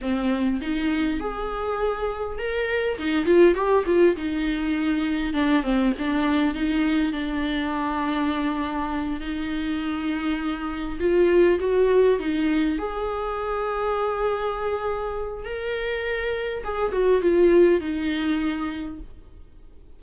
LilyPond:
\new Staff \with { instrumentName = "viola" } { \time 4/4 \tempo 4 = 101 c'4 dis'4 gis'2 | ais'4 dis'8 f'8 g'8 f'8 dis'4~ | dis'4 d'8 c'8 d'4 dis'4 | d'2.~ d'8 dis'8~ |
dis'2~ dis'8 f'4 fis'8~ | fis'8 dis'4 gis'2~ gis'8~ | gis'2 ais'2 | gis'8 fis'8 f'4 dis'2 | }